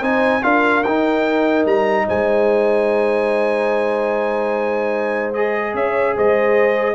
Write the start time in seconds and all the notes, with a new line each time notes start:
0.00 C4 D#4 C5 G#5
0.42 D4 F4 A#4 F5
0.83 D#4 G5
1.65 G3 A#5
2.07 G#3 C5 G#5
5.34 G#4 D#5
5.74 C#4 C#5 E5
6.15 G#3 C5 D#5